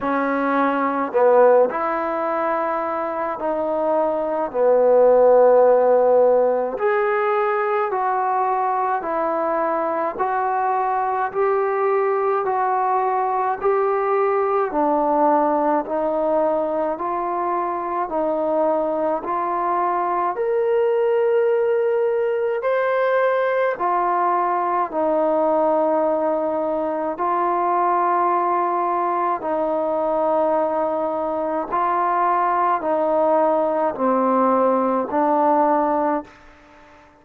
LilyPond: \new Staff \with { instrumentName = "trombone" } { \time 4/4 \tempo 4 = 53 cis'4 b8 e'4. dis'4 | b2 gis'4 fis'4 | e'4 fis'4 g'4 fis'4 | g'4 d'4 dis'4 f'4 |
dis'4 f'4 ais'2 | c''4 f'4 dis'2 | f'2 dis'2 | f'4 dis'4 c'4 d'4 | }